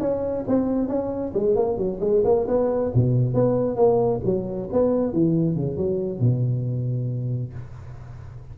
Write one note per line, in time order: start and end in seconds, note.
0.00 0.44 C#4
0.48 0.88 C4
0.88 1.33 C#4
1.34 1.56 G#3
1.56 1.78 A#3
1.78 2.00 F#3
2.01 2.23 G#3
2.25 2.47 A#3
2.48 2.92 B3
2.94 3.34 B2
3.34 3.76 B3
3.76 4.21 A#3
4.25 4.69 F#3
4.73 5.13 B3
5.13 5.56 E3
5.56 5.77 C#3
5.77 6.20 F#3
6.20 7.54 B2